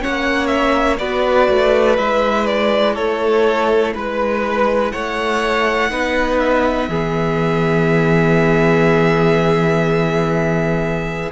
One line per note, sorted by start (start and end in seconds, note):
0.00 0.98 C#4
0.00 1.00 C#5
0.00 0.47 F#5
0.06 1.00 A#3
0.47 0.96 E5
0.98 1.49 B3
0.98 1.98 F#4
0.98 2.95 B4
0.98 1.97 D5
1.50 1.99 A3
1.98 2.97 G#3
1.98 5.91 E4
1.98 2.47 E5
2.47 2.96 D5
2.95 3.95 A3
2.95 3.93 A4
2.95 3.94 C#5
3.95 4.93 G#3
3.95 4.93 B4
3.95 4.92 B4
4.92 5.91 A3
4.92 5.91 C#5
4.92 6.40 F#5
5.91 6.89 B3
5.91 6.89 D#4
5.91 6.90 B4
6.40 11.32 E5
6.89 11.32 E3
6.89 11.32 B3
6.89 11.32 G#4